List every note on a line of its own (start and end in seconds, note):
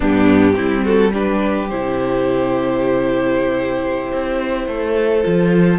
0.00 0.57 G2
0.00 0.54 B3
0.00 0.55 D4
0.00 0.85 G4
0.54 1.71 G3
0.54 1.11 C4
0.54 0.83 E4
0.83 1.11 F#4
0.83 1.13 A4
1.13 1.70 D4
1.13 4.67 G4
1.13 1.69 B4
1.69 4.11 C3
1.69 5.23 E4
1.69 5.78 C5
4.12 4.67 C4
4.67 5.24 A3
4.67 5.78 A4
5.23 5.78 F3
5.23 5.78 F4